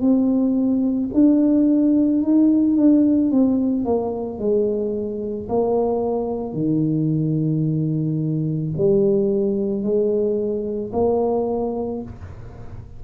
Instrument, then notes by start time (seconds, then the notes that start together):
tuba
0.00 C4
1.13 D4
2.22 D#4
2.76 D4
3.31 C4
3.84 A#3
4.39 G#3
5.48 A#3
6.53 D#3
8.77 G3
9.82 G#3
10.92 A#3